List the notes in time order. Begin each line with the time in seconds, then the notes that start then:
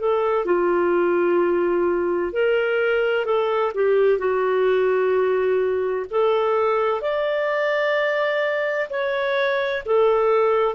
0.00 A4
0.46 F4
2.33 A#4
3.26 A4
3.75 G4
4.19 F#4
6.11 A4
7.01 D5
8.90 C#5
9.86 A4